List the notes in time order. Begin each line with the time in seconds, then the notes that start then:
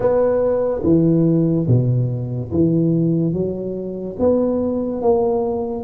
0.00 B3
0.83 E3
1.67 B2
2.51 E3
3.33 F#3
4.19 B3
5.02 A#3